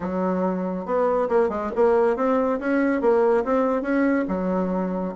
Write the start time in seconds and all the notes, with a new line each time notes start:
0.00 F#3
0.85 B3
1.29 A#3
1.49 G#3
1.75 A#3
2.16 C4
2.59 C#4
3.01 A#3
3.44 C4
3.82 C#4
4.28 F#3